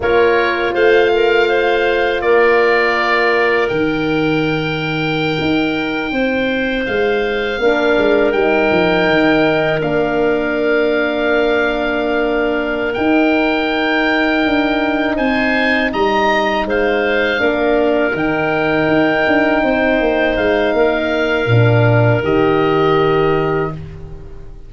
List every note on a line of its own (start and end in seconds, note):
0.00 0.72 A#3
0.00 3.71 F4
0.00 0.73 A#4
0.00 0.75 C#5
0.73 2.21 A3
0.73 1.10 C5
0.73 2.21 F5
1.13 1.48 A#4
1.48 2.22 C5
2.21 3.69 A#3
2.21 6.12 A#4
2.21 3.68 D5
3.68 5.37 D#3
3.68 7.60 D#4
3.68 6.83 G5
5.40 6.11 D#4
6.11 6.85 C4
6.11 7.60 C5
6.86 7.58 G#3
6.86 8.32 F5
7.58 7.95 A#3
7.58 8.34 D4
7.58 15.16 A#4
7.97 8.32 G#3
8.32 8.69 G3
8.32 9.81 D#4
8.32 9.80 G5
8.71 9.07 F3
9.07 9.81 D#3
9.81 12.96 A#3
9.81 12.95 D4
9.81 12.93 F5
12.93 17.38 D#4
12.93 14.45 D#4
12.93 15.15 G5
14.45 15.18 D4
15.16 15.92 C4
15.16 15.90 C5
15.16 15.91 G#5
15.92 16.65 G3
15.92 16.66 D#5
15.92 16.66 A#5
16.65 17.39 G#3
16.65 17.40 C5
16.65 18.17 F5
17.38 18.13 A#3
17.38 18.12 D4
17.38 19.62 A#4
18.13 18.87 D#3
18.13 21.47 D#4
18.13 20.36 G5
18.87 19.24 D#4
19.27 19.63 D4
19.63 20.00 C4
19.63 20.74 C5
20.00 20.37 A#3
20.36 20.73 G#3
20.36 22.22 F5
20.73 21.46 A#3
20.73 23.71 A#4
21.46 22.20 A#2
21.46 22.24 D4
22.23 23.71 D#3
22.23 23.72 G4
22.23 23.73 D#5